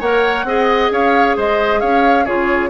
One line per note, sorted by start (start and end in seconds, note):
0.00 0.44 A#3
0.00 0.47 A#4
0.00 0.45 C#5
0.00 0.91 F#5
0.44 0.89 C4
0.44 2.27 G#4
0.44 0.93 D#5
0.91 1.36 C#4
0.91 1.37 C#5
0.91 1.37 F5
1.37 1.82 G#3
1.37 1.80 C5
1.37 1.80 D#5
1.80 2.27 C#4
1.80 2.25 C#5
1.80 2.26 F5
2.25 2.70 C#3
2.25 2.70 F4
2.25 2.70 G#4
2.25 2.70 C#5